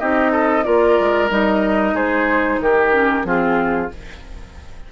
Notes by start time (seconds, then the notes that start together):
0.00 C4 D#4 G4 D#5
0.32 A4
0.64 A#3 F4 A#4 D5
1.00 G#3
1.30 G3 D#4 D#5
1.94 G#3 G#4 C5
2.60 D#3 G4 A#4
2.93 C#4
3.24 F3 C4 F4 G#4